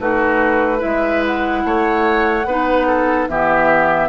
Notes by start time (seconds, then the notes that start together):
0.00 A3 D#4 F#4 B4
0.79 G#3 E4 B4 E5
1.26 F#5
1.65 A3 C#5
2.46 B3 D#4 B4
2.87 A4
3.29 E3 B3 G4 E5